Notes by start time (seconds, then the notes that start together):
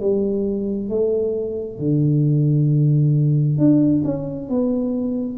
0.00 G3
0.89 A3
1.79 D3
3.58 D4
4.04 C#4
4.49 B3